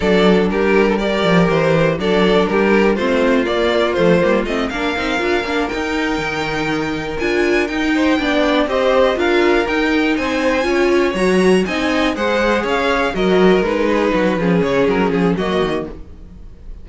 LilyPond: <<
  \new Staff \with { instrumentName = "violin" } { \time 4/4 \tempo 4 = 121 d''4 ais'4 d''4 c''4 | d''4 ais'4 c''4 d''4 | c''4 dis''8 f''2 g''8~ | g''2~ g''8 gis''4 g''8~ |
g''4. dis''4 f''4 g''8~ | g''8 gis''2 ais''4 gis''8~ | gis''8 fis''4 f''4 dis''4 b'8~ | b'4. cis''8 ais'8 gis'8 dis''4 | }
  \new Staff \with { instrumentName = "violin" } { \time 4/4 a'4 g'8. a'16 ais'2 | a'4 g'4 f'2~ | f'4. ais'2~ ais'8~ | ais'1 |
c''8 d''4 c''4 ais'4.~ | ais'8 c''4 cis''2 dis''8~ | dis''8 c''4 cis''4 ais'4. | gis'8 fis'8 gis'2 fis'4 | }
  \new Staff \with { instrumentName = "viola" } { \time 4/4 d'2 g'2 | d'2 c'4 ais4 | a8 ais8 c'8 d'8 dis'8 f'8 d'8 dis'8~ | dis'2~ dis'8 f'4 dis'8~ |
dis'8 d'4 g'4 f'4 dis'8~ | dis'4. f'4 fis'4 dis'8~ | dis'8 gis'2 fis'4 dis'8~ | dis'4 cis'2 ais4 | }
  \new Staff \with { instrumentName = "cello" } { \time 4/4 fis4 g4. f8 e4 | fis4 g4 a4 ais4 | f8 g8 a8 ais8 c'8 d'8 ais8 dis'8~ | dis'8 dis2 d'4 dis'8~ |
dis'8 b4 c'4 d'4 dis'8~ | dis'8 c'4 cis'4 fis4 c'8~ | c'8 gis4 cis'4 fis4 gis8~ | gis8 fis8 f8 cis8 fis8 f8 fis8 dis8 | }
>>